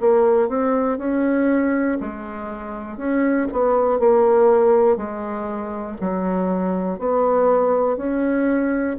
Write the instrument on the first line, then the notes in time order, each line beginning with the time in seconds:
bassoon
0.00 A#3
0.49 C4
0.98 C#4
2.00 G#3
2.97 C#4
3.52 B3
4.00 A#3
4.97 G#3
6.01 F#3
6.99 B3
7.97 C#4